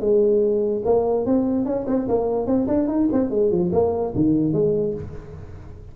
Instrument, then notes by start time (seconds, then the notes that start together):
tuba
0.00 G#3
0.84 A#3
1.26 C4
1.65 C#4
1.87 C4
2.08 A#3
2.46 C4
2.67 D4
2.87 D#4
3.12 C4
3.30 G#3
3.50 F3
3.72 A#3
4.15 D#3
4.53 G#3